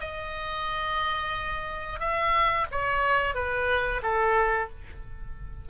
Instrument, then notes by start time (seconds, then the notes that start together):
oboe
0.00 D#5
2.00 E5
2.71 C#5
3.35 B4
4.02 A4